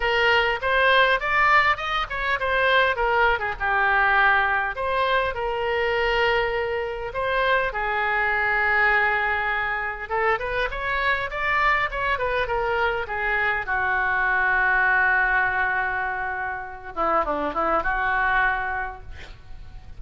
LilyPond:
\new Staff \with { instrumentName = "oboe" } { \time 4/4 \tempo 4 = 101 ais'4 c''4 d''4 dis''8 cis''8 | c''4 ais'8. gis'16 g'2 | c''4 ais'2. | c''4 gis'2.~ |
gis'4 a'8 b'8 cis''4 d''4 | cis''8 b'8 ais'4 gis'4 fis'4~ | fis'1~ | fis'8 e'8 d'8 e'8 fis'2 | }